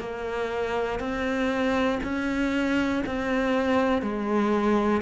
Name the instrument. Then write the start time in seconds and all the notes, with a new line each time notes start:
cello
0.00 A#3
1.00 C4
2.03 C#4
3.06 C4
4.02 G#3